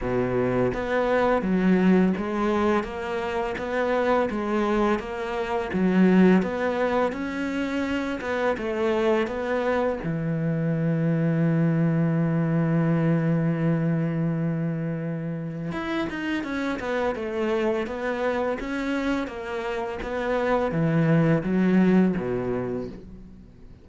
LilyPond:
\new Staff \with { instrumentName = "cello" } { \time 4/4 \tempo 4 = 84 b,4 b4 fis4 gis4 | ais4 b4 gis4 ais4 | fis4 b4 cis'4. b8 | a4 b4 e2~ |
e1~ | e2 e'8 dis'8 cis'8 b8 | a4 b4 cis'4 ais4 | b4 e4 fis4 b,4 | }